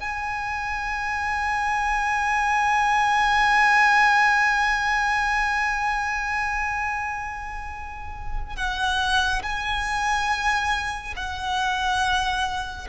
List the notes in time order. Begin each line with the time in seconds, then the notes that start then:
0.00 G#5
8.56 F#5
9.43 G#5
11.16 F#5